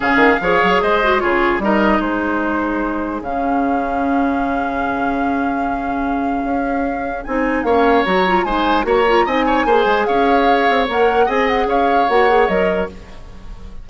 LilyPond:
<<
  \new Staff \with { instrumentName = "flute" } { \time 4/4 \tempo 4 = 149 f''2 dis''4 cis''4 | dis''4 c''2. | f''1~ | f''1~ |
f''2 gis''4 f''4 | ais''4 gis''4 ais''4 gis''4~ | gis''4 f''2 fis''4 | gis''8 fis''8 f''4 fis''4 dis''4 | }
  \new Staff \with { instrumentName = "oboe" } { \time 4/4 gis'4 cis''4 c''4 gis'4 | ais'4 gis'2.~ | gis'1~ | gis'1~ |
gis'2. cis''4~ | cis''4 c''4 cis''4 dis''8 cis''8 | c''4 cis''2. | dis''4 cis''2. | }
  \new Staff \with { instrumentName = "clarinet" } { \time 4/4 cis'4 gis'4. fis'8 f'4 | dis'1 | cis'1~ | cis'1~ |
cis'2 dis'4 cis'4 | fis'8 f'8 dis'4 fis'8 f'8 dis'4 | gis'2. ais'4 | gis'2 fis'8 gis'8 ais'4 | }
  \new Staff \with { instrumentName = "bassoon" } { \time 4/4 cis8 dis8 f8 fis8 gis4 cis4 | g4 gis2. | cis1~ | cis1 |
cis'2 c'4 ais4 | fis4 gis4 ais4 c'4 | ais8 gis8 cis'4. c'8 ais4 | c'4 cis'4 ais4 fis4 | }
>>